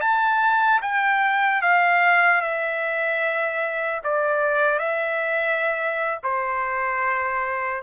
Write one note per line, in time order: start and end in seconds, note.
0.00 0.80 A5
0.81 1.61 G5
1.61 2.41 F5
2.41 4.01 E5
4.03 4.79 D5
4.79 6.19 E5
6.23 7.82 C5